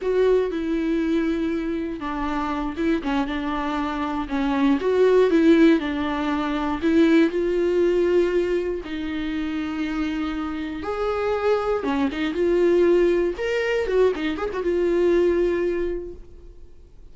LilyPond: \new Staff \with { instrumentName = "viola" } { \time 4/4 \tempo 4 = 119 fis'4 e'2. | d'4. e'8 cis'8 d'4.~ | d'8 cis'4 fis'4 e'4 d'8~ | d'4. e'4 f'4.~ |
f'4. dis'2~ dis'8~ | dis'4. gis'2 cis'8 | dis'8 f'2 ais'4 fis'8 | dis'8 gis'16 fis'16 f'2. | }